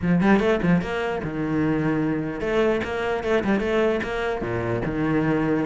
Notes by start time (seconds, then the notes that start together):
0.02 F3
0.21 G3
0.39 A3
0.62 F3
0.81 A#3
1.23 D#3
2.40 A3
2.84 A#3
3.23 A3
3.44 G3
3.60 A3
4.03 A#3
4.41 A#2
4.85 D#3